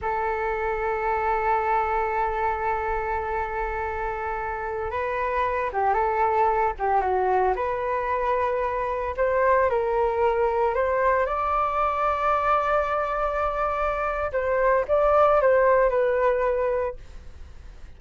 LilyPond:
\new Staff \with { instrumentName = "flute" } { \time 4/4 \tempo 4 = 113 a'1~ | a'1~ | a'4~ a'16 b'4. g'8 a'8.~ | a'8. g'8 fis'4 b'4.~ b'16~ |
b'4~ b'16 c''4 ais'4.~ ais'16~ | ais'16 c''4 d''2~ d''8.~ | d''2. c''4 | d''4 c''4 b'2 | }